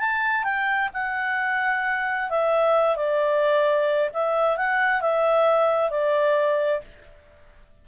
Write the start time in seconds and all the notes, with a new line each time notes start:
0.00 A5
0.44 G5
0.94 F#5
2.30 E5
2.96 D5
4.14 E5
4.57 F#5
5.01 E5
5.90 D5